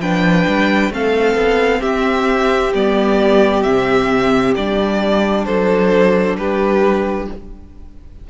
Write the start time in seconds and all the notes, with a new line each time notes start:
0.00 F3 D4 B4 G5
0.47 G3
0.90 A3 C4 A4 F5
1.35 B3
1.80 C4 G4 E5
2.74 G3 B3 D5
3.62 C3 C4 E5
4.55 G3 D4 D5
5.45 F#3 A4 C5
6.36 G3 G4 B4